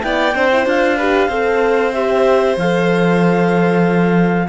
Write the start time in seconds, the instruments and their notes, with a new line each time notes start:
0.00 cello B3, horn E4, violin D5, clarinet G5
0.34 cello C4, horn D4, violin C5
0.52 horn E4
0.65 cello D4, horn F4, clarinet F5
0.97 horn G4, violin B4
1.28 cello C4, horn A4, violin C5
1.92 horn G4, clarinet E5
2.56 cello F3, horn A4, clarinet F5